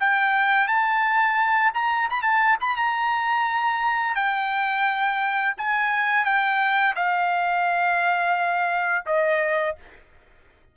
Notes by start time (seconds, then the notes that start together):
0.00 G5
0.68 A5
1.74 A#5
2.10 B5
2.22 A5
2.61 B5
2.77 A#5
4.15 G5
5.58 G#5
6.25 G5
6.96 F5
9.06 D#5